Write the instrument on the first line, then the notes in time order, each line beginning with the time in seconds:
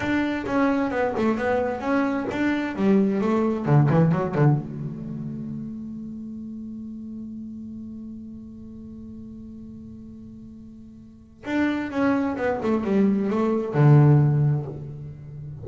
double bass
0.00 D4
0.46 C#4
0.90 B3
1.17 A3
1.37 B3
1.80 C#4
2.31 D4
2.75 G3
3.21 A3
3.65 D3
3.89 E3
4.12 F#3
4.34 D3
4.57 A3
11.45 D4
11.90 C#4
12.36 B3
12.63 A3
12.84 G3
13.30 A3
13.74 D3